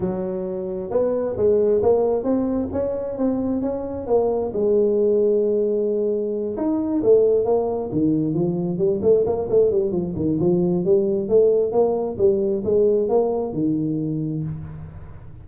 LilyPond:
\new Staff \with { instrumentName = "tuba" } { \time 4/4 \tempo 4 = 133 fis2 b4 gis4 | ais4 c'4 cis'4 c'4 | cis'4 ais4 gis2~ | gis2~ gis8 dis'4 a8~ |
a8 ais4 dis4 f4 g8 | a8 ais8 a8 g8 f8 dis8 f4 | g4 a4 ais4 g4 | gis4 ais4 dis2 | }